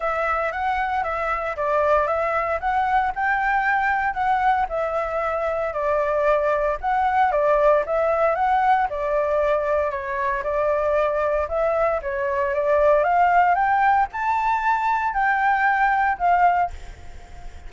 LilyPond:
\new Staff \with { instrumentName = "flute" } { \time 4/4 \tempo 4 = 115 e''4 fis''4 e''4 d''4 | e''4 fis''4 g''2 | fis''4 e''2 d''4~ | d''4 fis''4 d''4 e''4 |
fis''4 d''2 cis''4 | d''2 e''4 cis''4 | d''4 f''4 g''4 a''4~ | a''4 g''2 f''4 | }